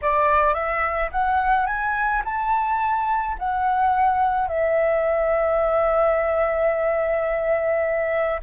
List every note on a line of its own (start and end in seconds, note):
0.01 0.54 D5
0.54 1.10 E5
1.11 1.66 F#5
1.66 2.22 G#5
2.24 3.36 A5
3.38 4.48 F#5
4.48 8.40 E5